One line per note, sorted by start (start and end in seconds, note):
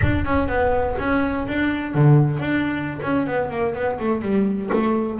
0.02 0.25 D4
0.25 0.48 C#4
0.48 0.96 B3
0.99 1.47 C#4
1.47 1.94 D4
1.94 2.39 D3
2.39 3.00 D4
3.02 3.26 C#4
3.27 3.50 B3
3.50 3.74 A#3
3.74 3.98 B3
3.99 4.21 A3
4.21 4.70 G3
4.73 5.19 A3